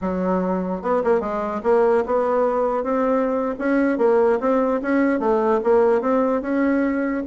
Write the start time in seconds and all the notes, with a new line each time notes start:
0.01 F#3
0.82 B3
1.04 A#3
1.20 G#3
1.63 A#3
2.05 B3
2.83 C4
3.58 C#4
3.98 A#3
4.40 C4
4.82 C#4
5.19 A3
5.63 A#3
6.01 C4
6.41 C#4